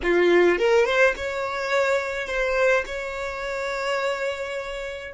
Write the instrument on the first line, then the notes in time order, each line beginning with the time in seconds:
violin
0.02 F4
0.58 A#4
0.85 C5
1.16 C#5
2.27 C5
2.86 C#5